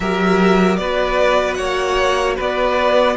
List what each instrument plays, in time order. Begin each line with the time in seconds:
0.00 cello F#3, viola G4, violin A#4 E5
0.76 cello B3, viola F#4, violin B4 D5
1.54 cello A#3, violin C#5 F#5
2.36 cello B3, violin B4 D5